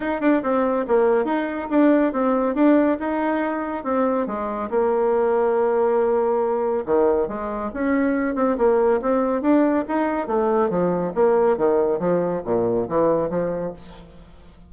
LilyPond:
\new Staff \with { instrumentName = "bassoon" } { \time 4/4 \tempo 4 = 140 dis'8 d'8 c'4 ais4 dis'4 | d'4 c'4 d'4 dis'4~ | dis'4 c'4 gis4 ais4~ | ais1 |
dis4 gis4 cis'4. c'8 | ais4 c'4 d'4 dis'4 | a4 f4 ais4 dis4 | f4 ais,4 e4 f4 | }